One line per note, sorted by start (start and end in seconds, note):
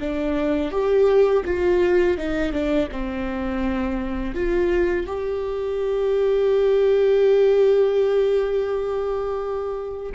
0.00 0.72 D4
0.72 1.44 G4
1.46 2.18 F4
2.18 2.53 D#4
2.53 2.89 D4
2.92 4.35 C4
4.35 5.07 F4
5.07 10.13 G4